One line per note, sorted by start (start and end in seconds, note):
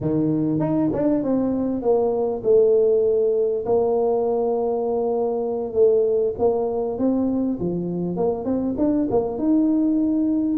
0.00 0.59 D#3
0.59 0.90 D#4
0.93 1.23 D4
1.23 1.82 C4
1.82 2.42 A#3
2.43 3.64 A3
3.65 5.73 A#3
5.73 6.34 A3
6.38 6.98 A#3
6.98 7.59 C4
7.59 8.16 F3
8.16 8.44 A#3
8.44 8.75 C4
8.77 9.07 D4
9.10 9.38 A#3
9.38 10.57 D#4